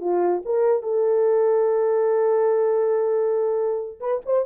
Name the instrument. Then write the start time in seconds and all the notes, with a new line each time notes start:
horn
0.00 F4
0.45 A#4
0.83 A4
4.00 B4
4.25 C5